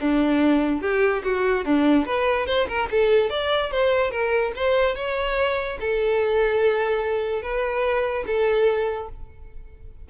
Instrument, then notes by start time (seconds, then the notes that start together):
violin
0.00 D4
0.81 G4
1.24 F#4
1.65 D4
2.06 B4
2.47 C5
2.68 A#4
2.91 A4
3.30 D5
3.71 C5
4.11 A#4
4.56 C5
4.95 C#5
5.80 A4
7.42 B4
8.26 A4